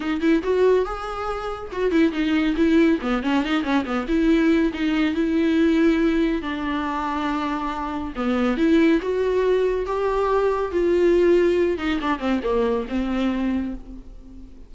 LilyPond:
\new Staff \with { instrumentName = "viola" } { \time 4/4 \tempo 4 = 140 dis'8 e'8 fis'4 gis'2 | fis'8 e'8 dis'4 e'4 b8 cis'8 | dis'8 cis'8 b8 e'4. dis'4 | e'2. d'4~ |
d'2. b4 | e'4 fis'2 g'4~ | g'4 f'2~ f'8 dis'8 | d'8 c'8 ais4 c'2 | }